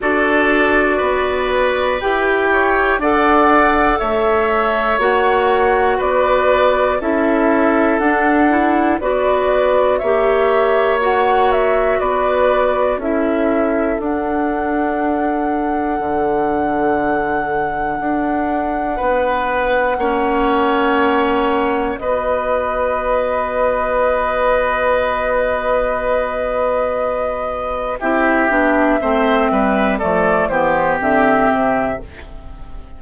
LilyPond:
<<
  \new Staff \with { instrumentName = "flute" } { \time 4/4 \tempo 4 = 60 d''2 g''4 fis''4 | e''4 fis''4 d''4 e''4 | fis''4 d''4 e''4 fis''8 e''8 | d''4 e''4 fis''2~ |
fis''1~ | fis''2 dis''2~ | dis''1 | e''2 d''8 c''8 e''4 | }
  \new Staff \with { instrumentName = "oboe" } { \time 4/4 a'4 b'4. cis''8 d''4 | cis''2 b'4 a'4~ | a'4 b'4 cis''2 | b'4 a'2.~ |
a'2. b'4 | cis''2 b'2~ | b'1 | g'4 c''8 b'8 a'8 g'4. | }
  \new Staff \with { instrumentName = "clarinet" } { \time 4/4 fis'2 g'4 a'4~ | a'4 fis'2 e'4 | d'8 e'8 fis'4 g'4 fis'4~ | fis'4 e'4 d'2~ |
d'1 | cis'2 fis'2~ | fis'1 | e'8 d'8 c'4 a8 b8 c'4 | }
  \new Staff \with { instrumentName = "bassoon" } { \time 4/4 d'4 b4 e'4 d'4 | a4 ais4 b4 cis'4 | d'4 b4 ais2 | b4 cis'4 d'2 |
d2 d'4 b4 | ais2 b2~ | b1 | c'8 b8 a8 g8 f8 e8 d8 c8 | }
>>